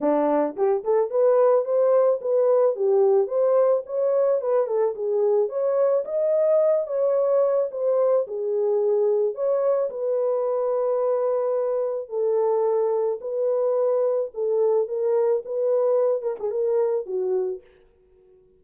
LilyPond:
\new Staff \with { instrumentName = "horn" } { \time 4/4 \tempo 4 = 109 d'4 g'8 a'8 b'4 c''4 | b'4 g'4 c''4 cis''4 | b'8 a'8 gis'4 cis''4 dis''4~ | dis''8 cis''4. c''4 gis'4~ |
gis'4 cis''4 b'2~ | b'2 a'2 | b'2 a'4 ais'4 | b'4. ais'16 gis'16 ais'4 fis'4 | }